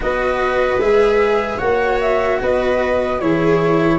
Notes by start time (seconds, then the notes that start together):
0.00 B3 F#4 B4 D#5
0.80 G#3 G#4 E5
1.57 A#3 F#4 C#5 F#5
2.01 E5
2.41 B3 B4 D#5
3.20 E3 E4 G#4 C#5